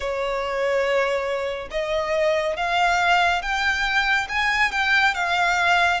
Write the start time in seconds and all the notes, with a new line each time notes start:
0.00 C#5
1.71 D#5
2.56 F5
3.42 G5
4.29 G#5
4.71 G5
5.14 F5